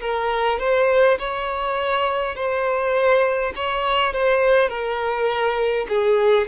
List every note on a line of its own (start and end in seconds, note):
0.00 0.59 A#4
0.59 1.18 C5
1.18 2.35 C#5
2.35 3.53 C5
3.55 4.13 C#5
4.13 4.68 C5
4.68 5.86 A#4
5.88 6.47 G#4